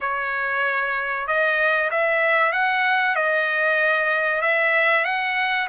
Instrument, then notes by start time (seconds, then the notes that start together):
trumpet
0.00 C#5
1.27 D#5
1.90 E5
2.52 F#5
3.16 D#5
4.41 E5
5.04 F#5